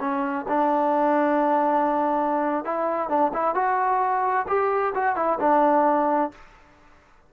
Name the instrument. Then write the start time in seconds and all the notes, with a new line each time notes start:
trombone
0.00 C#4
0.49 D4
2.65 E4
3.09 D4
3.34 E4
3.55 F#4
4.48 G4
4.95 F#4
5.16 E4
5.40 D4